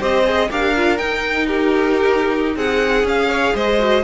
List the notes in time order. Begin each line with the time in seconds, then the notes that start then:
0.00 C4 G4 C5 D#5
0.25 G#4
0.51 D4 G4 A#4 F5
0.77 F4
0.98 D#4 G5
1.47 G4 A#4
2.57 C4 G#4 F#5
3.04 C#4 G#4 F5
3.29 C#5
3.55 G#3 C5 D#5
3.79 F#4